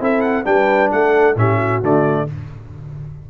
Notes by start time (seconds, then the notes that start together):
0.00 C4 E4 A4 E5
0.21 F#5
0.44 G3 D4 B4 G5
0.91 A3 A4 F#5
1.36 A2 C#4 G4 E5
1.56 F#4
1.82 D3 A3 D5